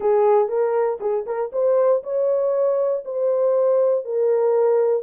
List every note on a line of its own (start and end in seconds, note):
0.00 0.48 G#4
0.48 0.99 A#4
1.00 1.25 G#4
1.26 1.51 A#4
1.52 2.02 C5
2.03 3.03 C#5
3.04 4.05 C5
4.05 5.02 A#4